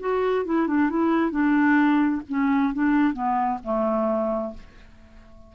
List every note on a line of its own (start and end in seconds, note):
0.00 0.45 F#4
0.45 0.68 E4
0.68 0.90 D4
0.90 1.31 E4
1.31 2.22 D4
2.29 2.74 C#4
2.74 3.14 D4
3.14 3.59 B3
3.63 4.54 A3